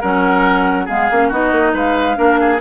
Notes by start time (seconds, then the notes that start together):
0.00 F#3 C#4 A#4 F#5
0.85 G#3 B3 G#4 F5
1.10 A#3 C#4
1.28 B3 D#4 F#4 D#5
1.51 A#3
1.73 G#3 B4 F5
2.15 A#3 D4 A#4
2.40 G#4